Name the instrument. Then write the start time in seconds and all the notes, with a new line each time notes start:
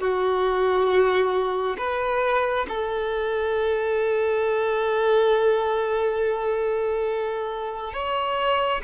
violin
0.00 F#4
1.78 B4
2.69 A4
7.93 C#5